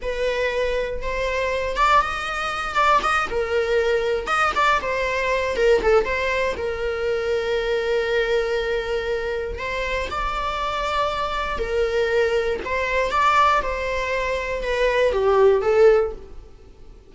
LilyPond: \new Staff \with { instrumentName = "viola" } { \time 4/4 \tempo 4 = 119 b'2 c''4. d''8 | dis''4. d''8 dis''8 ais'4.~ | ais'8 dis''8 d''8 c''4. ais'8 a'8 | c''4 ais'2.~ |
ais'2. c''4 | d''2. ais'4~ | ais'4 c''4 d''4 c''4~ | c''4 b'4 g'4 a'4 | }